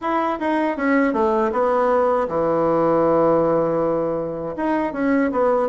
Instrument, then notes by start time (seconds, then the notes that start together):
bassoon
0.01 E4
0.39 D#4
0.76 C#4
1.13 A3
1.52 B3
2.28 E3
4.56 D#4
4.92 C#4
5.31 B3